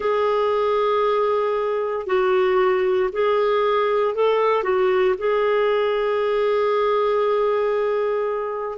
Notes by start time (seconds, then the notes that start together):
0.00 G#4
2.06 F#4
3.12 G#4
4.14 A4
4.63 F#4
5.18 G#4